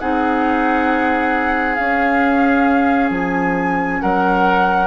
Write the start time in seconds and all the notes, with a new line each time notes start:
0.00 C4 D#4 G#4 F#5
1.75 C#4 F5
3.10 F3 G#5
4.01 F#3 A#4 F#5